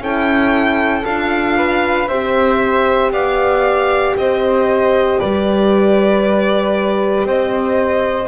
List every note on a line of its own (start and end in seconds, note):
0.00 1.03 C#4
0.00 1.04 E4
0.00 1.57 A4
0.00 1.05 G5
1.05 2.08 D4
1.05 2.08 F4
1.05 2.08 F5
1.57 2.08 B4
2.08 3.11 C4
2.08 8.27 G4
2.08 3.11 C5
2.08 3.11 E5
3.11 4.14 B3
3.11 4.15 D5
3.11 4.16 F5
4.16 5.19 C4
4.16 5.19 C5
4.16 5.20 D#5
5.19 7.24 G3
5.19 7.26 B4
5.19 7.27 D5
7.24 8.27 C4
7.24 8.27 C5
7.24 8.27 D#5